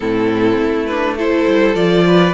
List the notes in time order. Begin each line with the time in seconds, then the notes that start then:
0.00 A2 C4 E4 A4
0.56 A3
0.85 D4 B4
1.17 E4 A4 C5
1.46 G3
1.75 F3 F4 D5
2.06 B4